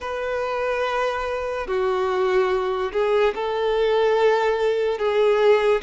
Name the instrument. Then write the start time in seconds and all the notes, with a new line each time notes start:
violin
0.00 B4
1.67 F#4
2.92 G#4
3.34 A4
4.98 G#4